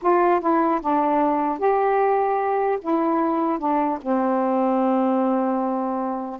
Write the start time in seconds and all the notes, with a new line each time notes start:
0.02 F4
0.40 E4
0.81 D4
1.59 G4
2.81 E4
3.58 D4
4.01 C4